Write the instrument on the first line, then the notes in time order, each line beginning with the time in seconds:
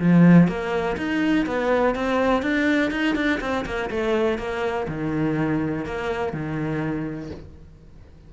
cello
0.00 F3
0.48 A#3
0.97 D#4
1.47 B3
1.95 C4
2.43 D4
2.91 D#4
3.16 D4
3.41 C4
3.66 A#3
3.91 A3
4.39 A#3
4.88 D#3
5.86 A#3
6.33 D#3